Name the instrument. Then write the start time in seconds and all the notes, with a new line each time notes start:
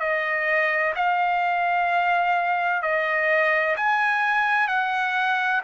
trumpet
0.00 D#5
0.95 F5
2.83 D#5
3.77 G#5
4.68 F#5